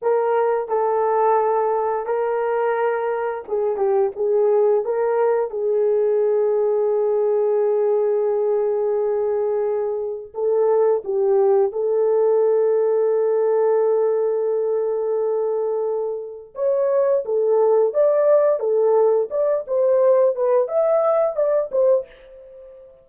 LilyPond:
\new Staff \with { instrumentName = "horn" } { \time 4/4 \tempo 4 = 87 ais'4 a'2 ais'4~ | ais'4 gis'8 g'8 gis'4 ais'4 | gis'1~ | gis'2. a'4 |
g'4 a'2.~ | a'1 | cis''4 a'4 d''4 a'4 | d''8 c''4 b'8 e''4 d''8 c''8 | }